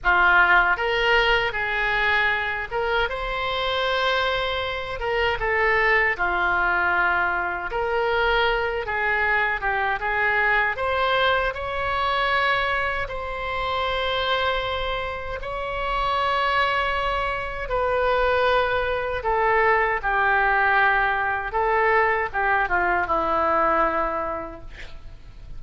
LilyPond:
\new Staff \with { instrumentName = "oboe" } { \time 4/4 \tempo 4 = 78 f'4 ais'4 gis'4. ais'8 | c''2~ c''8 ais'8 a'4 | f'2 ais'4. gis'8~ | gis'8 g'8 gis'4 c''4 cis''4~ |
cis''4 c''2. | cis''2. b'4~ | b'4 a'4 g'2 | a'4 g'8 f'8 e'2 | }